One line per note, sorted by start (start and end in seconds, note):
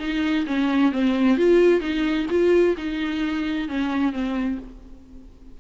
0.00 0.46 D#4
0.47 0.92 C#4
0.92 1.38 C4
1.38 1.81 F4
1.81 2.27 D#4
2.30 2.76 F4
2.78 3.69 D#4
3.69 4.13 C#4
4.13 4.59 C4